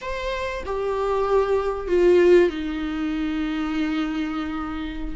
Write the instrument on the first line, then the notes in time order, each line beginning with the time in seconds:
viola
0.01 C5
0.65 G4
1.87 F4
2.49 D#4